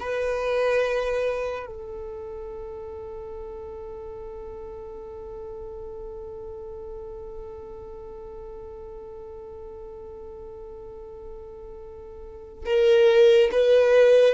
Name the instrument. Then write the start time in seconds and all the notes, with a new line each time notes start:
violin
0.00 B4
1.66 A4
12.65 A#4
13.52 B4